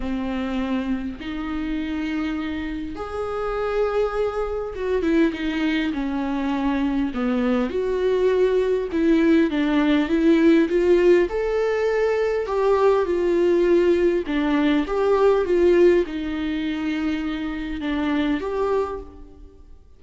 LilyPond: \new Staff \with { instrumentName = "viola" } { \time 4/4 \tempo 4 = 101 c'2 dis'2~ | dis'4 gis'2. | fis'8 e'8 dis'4 cis'2 | b4 fis'2 e'4 |
d'4 e'4 f'4 a'4~ | a'4 g'4 f'2 | d'4 g'4 f'4 dis'4~ | dis'2 d'4 g'4 | }